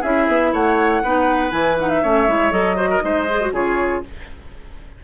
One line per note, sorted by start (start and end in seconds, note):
0.00 0.27 C#4
0.00 1.04 E4
0.00 0.50 G#4
0.00 0.52 E5
0.27 0.52 B3
0.52 1.03 A3
0.52 1.02 C#5
0.52 1.51 F#5
1.03 1.52 B3
1.03 1.50 D#4
1.03 2.02 B4
1.50 2.02 E3
1.50 1.75 E4
1.50 1.76 G#5
1.79 2.04 D#4
1.79 1.89 F#5
1.89 2.51 E5
2.02 2.27 A3
2.02 2.27 C#4
2.02 2.76 C#5
2.27 2.51 G#3
2.27 2.51 E4
2.51 3.01 F#3
2.51 2.76 A4
2.51 3.51 D#5
2.76 3.00 F#4
2.76 2.88 C5
2.90 3.02 A#4
3.00 3.51 G#3
3.00 3.25 D#4
3.00 3.53 C5
3.30 3.41 G#4
3.41 3.53 F#4
3.51 4.01 C#3
3.51 4.03 F4
3.51 4.03 G#4
3.51 4.04 C#5